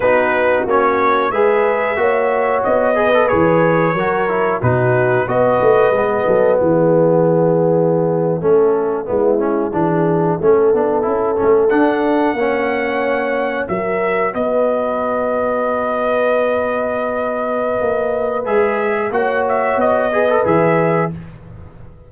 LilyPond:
<<
  \new Staff \with { instrumentName = "trumpet" } { \time 4/4 \tempo 4 = 91 b'4 cis''4 e''2 | dis''4 cis''2 b'4 | dis''2 e''2~ | e''1~ |
e''4.~ e''16 fis''2~ fis''16~ | fis''8. e''4 dis''2~ dis''16~ | dis''1 | e''4 fis''8 e''8 dis''4 e''4 | }
  \new Staff \with { instrumentName = "horn" } { \time 4/4 fis'2 b'4 cis''4~ | cis''8 b'4. ais'4 fis'4 | b'4. a'8 gis'2~ | gis'8. a'4 e'4 gis'4 a'16~ |
a'2~ a'8. cis''4~ cis''16~ | cis''8. ais'4 b'2~ b'16~ | b'1~ | b'4 cis''4. b'4. | }
  \new Staff \with { instrumentName = "trombone" } { \time 4/4 dis'4 cis'4 gis'4 fis'4~ | fis'8 gis'16 a'16 gis'4 fis'8 e'8 dis'4 | fis'4 b2.~ | b8. cis'4 b8 cis'8 d'4 cis'16~ |
cis'16 d'8 e'8 cis'8 d'4 cis'4~ cis'16~ | cis'8. fis'2.~ fis'16~ | fis'1 | gis'4 fis'4. gis'16 a'16 gis'4 | }
  \new Staff \with { instrumentName = "tuba" } { \time 4/4 b4 ais4 gis4 ais4 | b4 e4 fis4 b,4 | b8 a8 gis8 fis8 e2~ | e8. a4 gis4 e4 a16~ |
a16 b8 cis'8 a8 d'4 ais4~ ais16~ | ais8. fis4 b2~ b16~ | b2. ais4 | gis4 ais4 b4 e4 | }
>>